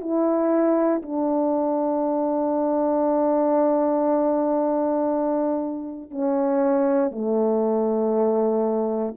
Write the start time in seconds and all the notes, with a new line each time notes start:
0.00 E4
1.02 D4
6.10 C#4
7.11 A3